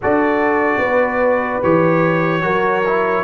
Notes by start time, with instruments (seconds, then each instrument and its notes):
0.01 tuba D4, trombone F#4, horn A4, trumpet D5
0.78 tuba B3, horn B4
1.62 tuba E3, trombone G4, trumpet C#5
2.42 tuba F#3, trombone F#4, horn A#4
2.86 trombone E4